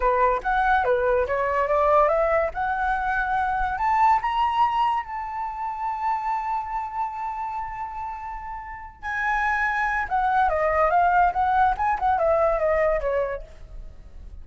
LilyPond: \new Staff \with { instrumentName = "flute" } { \time 4/4 \tempo 4 = 143 b'4 fis''4 b'4 cis''4 | d''4 e''4 fis''2~ | fis''4 a''4 ais''2 | a''1~ |
a''1~ | a''4. gis''2~ gis''8 | fis''4 dis''4 f''4 fis''4 | gis''8 fis''8 e''4 dis''4 cis''4 | }